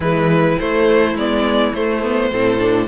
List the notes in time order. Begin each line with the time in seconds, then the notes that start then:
0.00 E3 G#3 E4 B4
0.59 A3 C5
1.15 G#3 B3 D5
1.73 A3 C5
2.02 B3
2.31 A2 C4 A4
2.58 D4